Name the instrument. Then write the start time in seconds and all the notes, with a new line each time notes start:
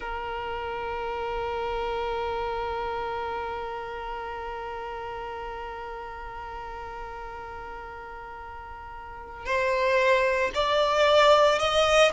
violin
0.00 A#4
9.45 C5
10.54 D5
11.58 D#5